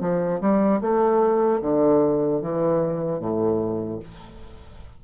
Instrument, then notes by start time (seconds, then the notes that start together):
bassoon
0.00 F3
0.41 G3
0.81 A3
1.61 D3
2.41 E3
3.19 A2